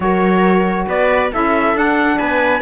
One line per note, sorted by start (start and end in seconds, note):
0.00 0.85 F#3
0.00 1.30 F#4
0.00 0.88 A#4
0.00 0.88 C#5
0.87 1.31 B3
0.87 1.32 B4
0.87 1.33 D5
1.32 1.74 C#4
1.32 1.76 E4
1.32 2.18 A4
1.32 1.77 E5
1.74 2.18 D4
1.74 2.61 D4
1.74 2.18 F#5
2.18 2.61 B3
2.18 2.61 B4
2.18 2.61 G#5